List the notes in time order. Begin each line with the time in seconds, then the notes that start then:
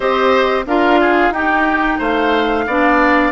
0.00 C4 G4 C5 D#5
0.65 D4 F4 A#4 F5
1.00 G#4
1.30 D#4 G4 G5
1.98 A3 C5 F5
2.66 B3 D4 D5